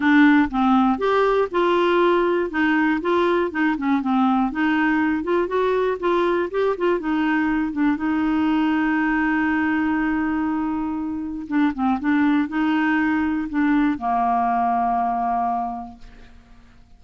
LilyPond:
\new Staff \with { instrumentName = "clarinet" } { \time 4/4 \tempo 4 = 120 d'4 c'4 g'4 f'4~ | f'4 dis'4 f'4 dis'8 cis'8 | c'4 dis'4. f'8 fis'4 | f'4 g'8 f'8 dis'4. d'8 |
dis'1~ | dis'2. d'8 c'8 | d'4 dis'2 d'4 | ais1 | }